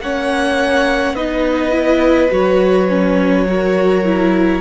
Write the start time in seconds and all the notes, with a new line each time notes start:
0.00 A#3 C#4 C#5 F#5
1.14 B3 D#4 B4 D#5
1.72 E4
2.30 F#3 F#4 C#5
2.89 C#4
3.48 F#4 A#4
4.05 E4